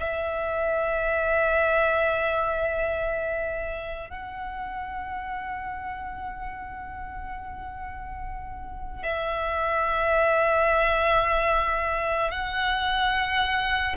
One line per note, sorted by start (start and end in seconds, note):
0.00 4.10 E5
4.10 9.03 F#5
9.03 12.31 E5
12.31 13.95 F#5